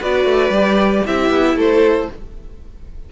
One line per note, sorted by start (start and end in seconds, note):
0.00 0.24 B3
0.00 0.52 F#4
0.00 1.04 B4
0.00 1.06 D5
0.24 0.49 A3
0.49 1.01 G3
0.49 1.06 G4
1.06 1.29 C4
1.06 2.11 E4
1.06 1.57 G4
1.06 1.58 E5
1.29 1.55 B3
1.55 2.07 A3
1.55 2.09 A4
1.55 2.12 C5